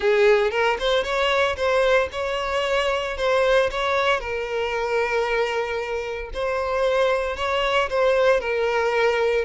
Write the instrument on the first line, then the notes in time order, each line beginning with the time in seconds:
violin
0.00 G#4
0.50 A#4
0.79 C5
1.03 C#5
1.56 C5
2.11 C#5
3.17 C5
3.70 C#5
4.19 A#4
6.33 C5
7.36 C#5
7.89 C5
8.40 A#4